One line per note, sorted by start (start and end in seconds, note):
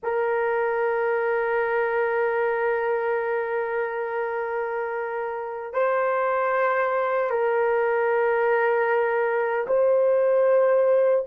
0.02 5.73 A#4
5.73 7.30 C5
7.30 9.66 A#4
9.67 11.25 C5